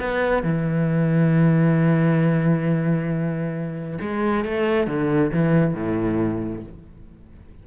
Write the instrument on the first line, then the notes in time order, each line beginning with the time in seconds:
cello
0.00 B3
0.43 E3
4.01 G#3
4.45 A3
4.87 D3
5.34 E3
5.75 A2